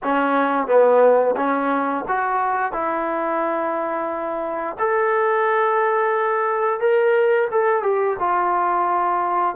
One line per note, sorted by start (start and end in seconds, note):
0.03 0.67 C#4
0.67 1.35 B3
1.36 2.04 C#4
2.08 2.72 F#4
2.72 4.76 E4
4.79 6.80 A4
6.80 7.48 A#4
7.51 7.82 A4
7.82 8.16 G4
8.19 9.55 F4